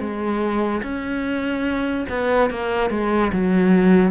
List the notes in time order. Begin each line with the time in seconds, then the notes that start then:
0.00 G#3
0.83 C#4
2.09 B3
2.50 A#3
2.90 G#3
3.33 F#3